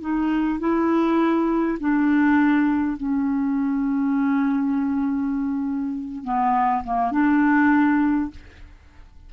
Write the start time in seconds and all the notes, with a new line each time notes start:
0.00 D#4
0.59 E4
1.80 D4
2.96 C#4
6.23 B3
6.83 A#3
7.11 D4